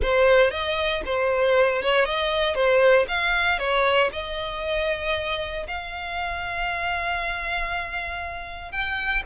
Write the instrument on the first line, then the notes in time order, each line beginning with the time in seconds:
violin
0.02 C5
0.50 D#5
1.05 C5
1.82 C#5
2.05 D#5
2.54 C5
3.08 F5
3.59 C#5
4.12 D#5
5.67 F5
8.71 G5